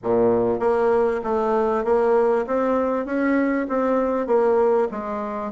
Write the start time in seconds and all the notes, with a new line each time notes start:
0.03 A#2
0.59 A#3
1.23 A3
1.84 A#3
2.47 C4
3.05 C#4
3.68 C4
4.26 A#3
4.91 G#3